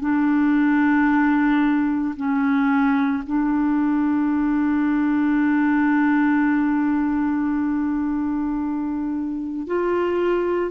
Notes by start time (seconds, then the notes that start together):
0.00 D4
2.16 C#4
3.26 D4
9.66 F4